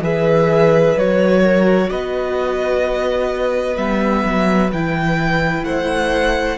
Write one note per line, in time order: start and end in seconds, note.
0.00 0.94 E3
0.00 0.97 G#4
0.00 1.42 B4
0.00 0.98 E5
0.97 1.90 F#3
0.97 3.76 F#4
0.97 1.90 C#5
1.42 1.88 A#4
1.90 3.77 B3
1.90 5.66 B4
1.90 3.77 D#5
3.76 4.24 G3
3.76 4.70 B3
3.76 4.70 E5
4.25 4.72 F#3
4.73 5.64 E3
4.73 6.58 E4
4.73 5.64 G5
5.64 6.58 A3
5.64 6.58 C5
5.64 6.58 F#5